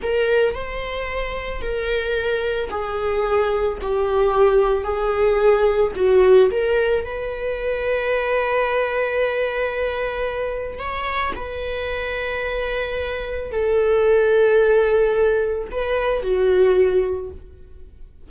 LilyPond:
\new Staff \with { instrumentName = "viola" } { \time 4/4 \tempo 4 = 111 ais'4 c''2 ais'4~ | ais'4 gis'2 g'4~ | g'4 gis'2 fis'4 | ais'4 b'2.~ |
b'1 | cis''4 b'2.~ | b'4 a'2.~ | a'4 b'4 fis'2 | }